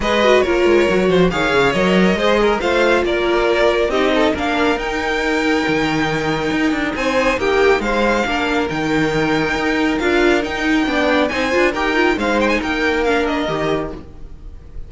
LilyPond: <<
  \new Staff \with { instrumentName = "violin" } { \time 4/4 \tempo 4 = 138 dis''4 cis''2 f''4 | dis''2 f''4 d''4~ | d''4 dis''4 f''4 g''4~ | g''1 |
gis''4 g''4 f''2 | g''2. f''4 | g''2 gis''4 g''4 | f''8 g''16 gis''16 g''4 f''8 dis''4. | }
  \new Staff \with { instrumentName = "violin" } { \time 4/4 b'4 ais'4. c''8 cis''4~ | cis''4 c''8 ais'8 c''4 ais'4~ | ais'4 g'8 a'8 ais'2~ | ais'1 |
c''4 g'4 c''4 ais'4~ | ais'1~ | ais'4 d''4 c''4 ais'4 | c''4 ais'2. | }
  \new Staff \with { instrumentName = "viola" } { \time 4/4 gis'8 fis'8 f'4 fis'4 gis'4 | ais'4 gis'4 f'2~ | f'4 dis'4 d'4 dis'4~ | dis'1~ |
dis'2. d'4 | dis'2. f'4 | dis'4 d'4 dis'8 f'8 g'8 f'8 | dis'2 d'4 g'4 | }
  \new Staff \with { instrumentName = "cello" } { \time 4/4 gis4 ais8 gis8 fis8 f8 dis8 cis8 | fis4 gis4 a4 ais4~ | ais4 c'4 ais4 dis'4~ | dis'4 dis2 dis'8 d'8 |
c'4 ais4 gis4 ais4 | dis2 dis'4 d'4 | dis'4 b4 c'8 d'8 dis'4 | gis4 ais2 dis4 | }
>>